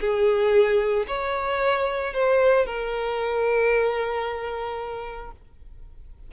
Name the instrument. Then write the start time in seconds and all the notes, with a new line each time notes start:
violin
0.00 G#4
1.07 C#5
2.13 C5
2.66 A#4